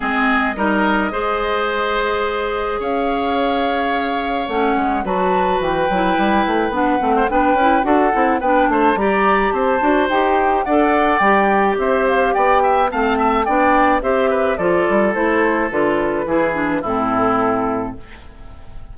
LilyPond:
<<
  \new Staff \with { instrumentName = "flute" } { \time 4/4 \tempo 4 = 107 dis''1~ | dis''4 f''2. | fis''4 a''4 g''2 | fis''4 g''4 fis''4 g''8 a''8 |
ais''4 a''4 g''4 fis''4 | g''4 e''8 f''8 g''4 a''4 | g''4 e''4 d''4 c''4 | b'2 a'2 | }
  \new Staff \with { instrumentName = "oboe" } { \time 4/4 gis'4 ais'4 c''2~ | c''4 cis''2.~ | cis''4 b'2.~ | b'8. c''16 b'4 a'4 b'8 c''8 |
d''4 c''2 d''4~ | d''4 c''4 d''8 e''8 f''8 e''8 | d''4 c''8 b'8 a'2~ | a'4 gis'4 e'2 | }
  \new Staff \with { instrumentName = "clarinet" } { \time 4/4 c'4 dis'4 gis'2~ | gis'1 | cis'4 fis'4. e'4. | d'8 c'8 d'8 e'8 fis'8 e'8 d'4 |
g'4. fis'8 g'4 a'4 | g'2. c'4 | d'4 g'4 f'4 e'4 | f'4 e'8 d'8 c'2 | }
  \new Staff \with { instrumentName = "bassoon" } { \time 4/4 gis4 g4 gis2~ | gis4 cis'2. | a8 gis8 fis4 e8 fis8 g8 a8 | b8 a8 b8 cis'8 d'8 c'8 b8 a8 |
g4 c'8 d'8 dis'4 d'4 | g4 c'4 b4 a4 | b4 c'4 f8 g8 a4 | d4 e4 a,2 | }
>>